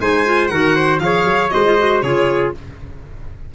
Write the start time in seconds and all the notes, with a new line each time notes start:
0.00 G#3 D#4 C5 G#5
0.25 F4
0.47 D#3 F#4 A#4 F#5
0.75 C5
0.99 F3 G#4 C#5 F5
1.25 F#3
1.50 G#3 F#4 C5 D#5
1.65 F4
1.78 F#4
2.02 C#3 F4 G#4 C#5